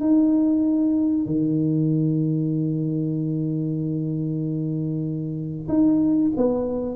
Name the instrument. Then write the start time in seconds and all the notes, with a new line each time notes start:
tuba
0.00 D#4
1.26 D#3
5.68 D#4
6.36 B3